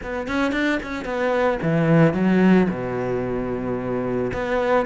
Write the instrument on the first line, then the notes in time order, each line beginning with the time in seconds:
cello
0.02 B3
0.27 C#4
0.52 D4
0.83 C#4
1.04 B3
1.62 E3
2.13 F#3
2.69 B2
4.33 B3